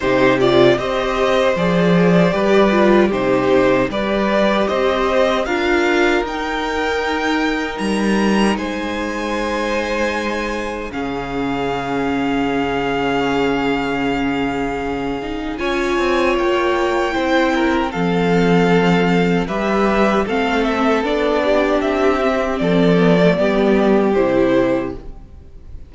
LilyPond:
<<
  \new Staff \with { instrumentName = "violin" } { \time 4/4 \tempo 4 = 77 c''8 d''8 dis''4 d''2 | c''4 d''4 dis''4 f''4 | g''2 ais''4 gis''4~ | gis''2 f''2~ |
f''1 | gis''4 g''2 f''4~ | f''4 e''4 f''8 e''8 d''4 | e''4 d''2 c''4 | }
  \new Staff \with { instrumentName = "violin" } { \time 4/4 g'4 c''2 b'4 | g'4 b'4 c''4 ais'4~ | ais'2. c''4~ | c''2 gis'2~ |
gis'1 | cis''2 c''8 ais'8 a'4~ | a'4 b'4 a'4. g'8~ | g'4 a'4 g'2 | }
  \new Staff \with { instrumentName = "viola" } { \time 4/4 dis'8 f'8 g'4 gis'4 g'8 f'8 | dis'4 g'2 f'4 | dis'1~ | dis'2 cis'2~ |
cis'2.~ cis'8 dis'8 | f'2 e'4 c'4~ | c'4 g'4 c'4 d'4~ | d'8 c'4 b16 a16 b4 e'4 | }
  \new Staff \with { instrumentName = "cello" } { \time 4/4 c4 c'4 f4 g4 | c4 g4 c'4 d'4 | dis'2 g4 gis4~ | gis2 cis2~ |
cis1 | cis'8 c'8 ais4 c'4 f4~ | f4 g4 a4 b4 | c'4 f4 g4 c4 | }
>>